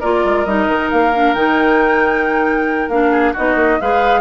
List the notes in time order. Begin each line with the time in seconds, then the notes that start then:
0.00 A#3 F4 A#4 D5
0.24 G#3
0.45 G3 D#4 D#5
0.67 D#3
0.90 A#3 F5
1.14 D4
1.34 D#3 D#4 G5
2.89 A#3 D4 F5
3.11 G#4
3.33 B3 D#4 F#4 D#5
3.55 A#3
3.81 G#3 G#4 B4 F5